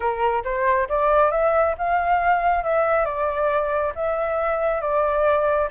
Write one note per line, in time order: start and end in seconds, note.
0.00 0.43 A#4
0.44 0.88 C5
0.89 1.31 D5
1.31 1.75 E5
1.78 2.63 F5
2.63 3.05 E5
3.05 3.92 D5
3.95 4.81 E5
4.81 5.69 D5